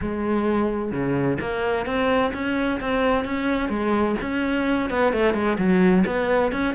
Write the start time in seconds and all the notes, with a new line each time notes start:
0.01 G#3
0.91 C#3
1.40 A#3
1.86 C4
2.33 C#4
2.80 C4
3.24 C#4
3.69 G#3
4.21 C#4
4.90 B3
5.12 A3
5.34 G#3
5.58 F#3
6.06 B3
6.52 C#4